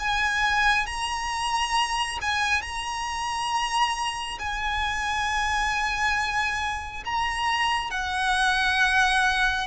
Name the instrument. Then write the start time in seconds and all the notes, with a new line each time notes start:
violin
0.00 G#5
0.86 A#5
2.22 G#5
2.62 A#5
4.40 G#5
7.05 A#5
7.91 F#5